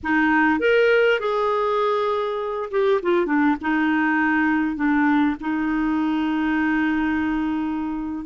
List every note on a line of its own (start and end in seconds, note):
0.03 0.59 D#4
0.59 1.19 A#4
1.19 2.69 G#4
2.70 3.00 G4
3.02 3.25 F4
3.25 3.56 D4
3.61 4.76 D#4
4.76 5.36 D4
5.40 8.25 D#4